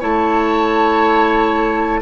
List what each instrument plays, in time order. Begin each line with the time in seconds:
0.00 bassoon A3, clarinet E4, oboe C#5, flute A5